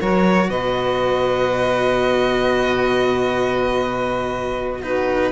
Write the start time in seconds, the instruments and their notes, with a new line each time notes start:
0.00 cello F#3 F#4, saxophone A#4, violin C#5
0.49 cello B2, saxophone B4, violin D#5
4.83 cello D#4, saxophone F#4, violin B4